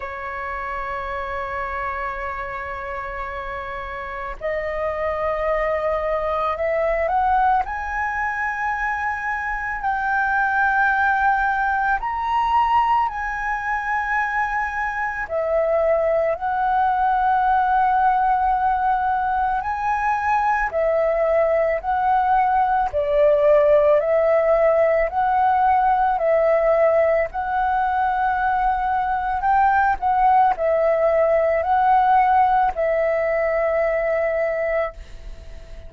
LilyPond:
\new Staff \with { instrumentName = "flute" } { \time 4/4 \tempo 4 = 55 cis''1 | dis''2 e''8 fis''8 gis''4~ | gis''4 g''2 ais''4 | gis''2 e''4 fis''4~ |
fis''2 gis''4 e''4 | fis''4 d''4 e''4 fis''4 | e''4 fis''2 g''8 fis''8 | e''4 fis''4 e''2 | }